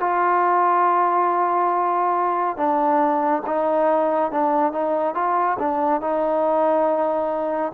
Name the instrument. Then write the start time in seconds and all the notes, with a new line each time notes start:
trombone
0.00 F4
2.57 D4
3.46 D#4
4.32 D4
4.72 D#4
5.15 F4
5.59 D4
6.01 D#4